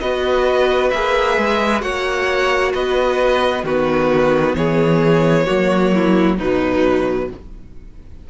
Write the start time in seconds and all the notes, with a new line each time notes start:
0.00 B3 F#4 B4 D#5
0.90 A#3 G#4 E5
1.37 G#3
1.81 A#3 F#4 C#5 F#5
2.74 B3 B4 D#5
3.64 D#3 B3 F#4 B4
4.55 E3 G#4 C#5
5.46 F#3 A#3 F#4
5.94 E4
6.38 B2 F#3 D#4 B4